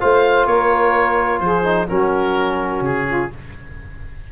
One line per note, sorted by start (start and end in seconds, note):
0.00 0.47 A3
0.00 1.64 F4
0.00 0.48 C5
0.00 0.47 F5
0.47 1.40 A#3
0.47 1.42 A#4
0.47 1.40 C#5
1.40 1.87 F3
1.40 1.89 G#4
1.40 1.87 C5
1.64 1.88 D#4
1.89 2.81 F#3
1.89 3.30 C#4
1.89 3.07 F#4
1.89 2.83 A#4
2.81 3.28 C#3
2.81 3.32 G#4
3.07 3.31 F4